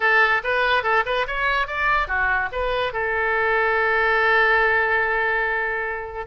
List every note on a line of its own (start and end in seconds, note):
0.00 0.42 A4
0.43 0.83 B4
0.83 1.03 A4
1.05 1.26 B4
1.27 1.67 C#5
1.67 2.07 D5
2.07 2.49 F#4
2.52 2.92 B4
2.92 6.26 A4